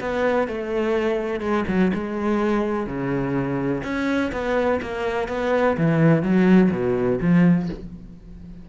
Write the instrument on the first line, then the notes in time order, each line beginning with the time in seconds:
cello
0.00 B3
0.48 A3
1.40 G#3
1.68 F#3
1.94 G#3
2.86 C#3
3.83 C#4
4.32 B3
4.82 A#3
5.28 B3
5.77 E3
6.22 F#3
6.71 B2
7.21 F3